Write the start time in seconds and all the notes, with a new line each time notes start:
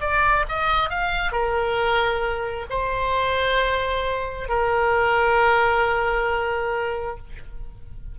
0.00 D5
0.48 D#5
0.90 F5
1.31 A#4
2.69 C5
4.48 A#4